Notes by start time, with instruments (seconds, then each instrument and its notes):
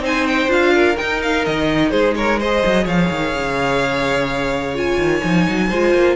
0.00 cello C4, viola D#4, violin C5 G#5
0.27 violin G5
0.48 cello D4, viola F4, violin F5
0.75 violin A#4
0.97 viola D#4, cello D#4, violin G5
1.23 violin F5
1.45 cello D#3, violin D#5
1.91 cello G#3, violin G#4 C5
2.16 violin A#4 C#5
2.40 viola G#4, violin C5 D#5
2.66 cello F#3
2.84 cello F3, violin C#5 F5
3.11 cello D#3
3.35 cello C#3
4.75 viola F4, violin G#5
4.98 cello D#3
5.23 cello F3, viola D#4
5.49 cello F#3
5.69 cello G#3, viola F4, violin C5
5.94 cello A#3